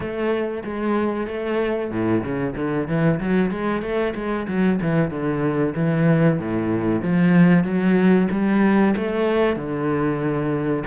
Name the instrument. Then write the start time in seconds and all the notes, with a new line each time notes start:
cello
0.00 A3
0.64 G#3
1.27 A3
1.90 A2
2.23 C#3
2.55 D3
2.87 E3
3.19 F#3
3.50 G#3
3.82 A3
4.14 G#3
4.47 F#3
4.81 E3
5.10 D3
5.75 E3
6.39 A2
7.02 F3
7.64 F#3
8.31 G3
8.96 A3
9.56 D3